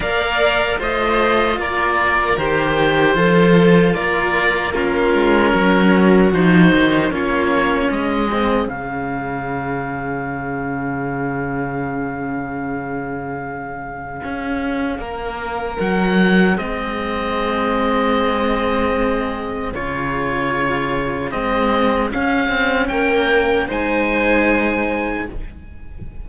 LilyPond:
<<
  \new Staff \with { instrumentName = "oboe" } { \time 4/4 \tempo 4 = 76 f''4 dis''4 d''4 c''4~ | c''4 d''4 ais'2 | c''4 cis''4 dis''4 f''4~ | f''1~ |
f''1 | fis''4 dis''2.~ | dis''4 cis''2 dis''4 | f''4 g''4 gis''2 | }
  \new Staff \with { instrumentName = "violin" } { \time 4/4 d''4 c''4 ais'2 | a'4 ais'4 f'4 fis'4~ | fis'4 f'4 gis'2~ | gis'1~ |
gis'2. ais'4~ | ais'4 gis'2.~ | gis'1~ | gis'4 ais'4 c''2 | }
  \new Staff \with { instrumentName = "cello" } { \time 4/4 ais'4 f'2 g'4 | f'2 cis'2 | dis'4 cis'4. c'8 cis'4~ | cis'1~ |
cis'1~ | cis'4 c'2.~ | c'4 f'2 c'4 | cis'2 dis'2 | }
  \new Staff \with { instrumentName = "cello" } { \time 4/4 ais4 a4 ais4 dis4 | f4 ais4. gis8 fis4 | f8 dis8 ais4 gis4 cis4~ | cis1~ |
cis2 cis'4 ais4 | fis4 gis2.~ | gis4 cis2 gis4 | cis'8 c'8 ais4 gis2 | }
>>